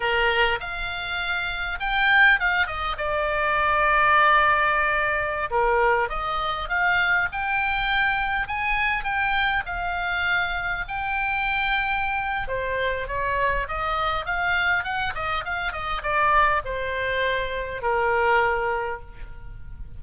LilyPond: \new Staff \with { instrumentName = "oboe" } { \time 4/4 \tempo 4 = 101 ais'4 f''2 g''4 | f''8 dis''8 d''2.~ | d''4~ d''16 ais'4 dis''4 f''8.~ | f''16 g''2 gis''4 g''8.~ |
g''16 f''2 g''4.~ g''16~ | g''4 c''4 cis''4 dis''4 | f''4 fis''8 dis''8 f''8 dis''8 d''4 | c''2 ais'2 | }